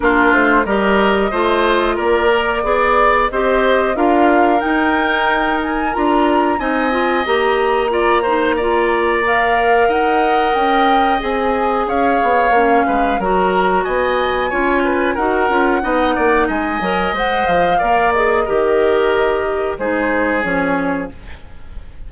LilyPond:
<<
  \new Staff \with { instrumentName = "flute" } { \time 4/4 \tempo 4 = 91 ais'8 c''8 dis''2 d''4~ | d''4 dis''4 f''4 g''4~ | g''8 gis''8 ais''4 gis''4 ais''4~ | ais''2 f''4 fis''4 |
g''4 gis''4 f''2 | ais''4 gis''2 fis''4~ | fis''4 gis''4 fis''8 f''4 dis''8~ | dis''2 c''4 cis''4 | }
  \new Staff \with { instrumentName = "oboe" } { \time 4/4 f'4 ais'4 c''4 ais'4 | d''4 c''4 ais'2~ | ais'2 dis''2 | d''8 c''8 d''2 dis''4~ |
dis''2 cis''4. b'8 | ais'4 dis''4 cis''8 b'8 ais'4 | dis''8 d''8 dis''2 d''4 | ais'2 gis'2 | }
  \new Staff \with { instrumentName = "clarinet" } { \time 4/4 d'4 g'4 f'4. ais'8 | gis'4 g'4 f'4 dis'4~ | dis'4 f'4 dis'8 f'8 g'4 | f'8 dis'8 f'4 ais'2~ |
ais'4 gis'2 cis'4 | fis'2 f'4 fis'8 f'8 | dis'4. ais'8 c''4 ais'8 gis'8 | g'2 dis'4 cis'4 | }
  \new Staff \with { instrumentName = "bassoon" } { \time 4/4 ais8 a8 g4 a4 ais4 | b4 c'4 d'4 dis'4~ | dis'4 d'4 c'4 ais4~ | ais2. dis'4 |
cis'4 c'4 cis'8 b8 ais8 gis8 | fis4 b4 cis'4 dis'8 cis'8 | b8 ais8 gis8 fis8 gis8 f8 ais4 | dis2 gis4 f4 | }
>>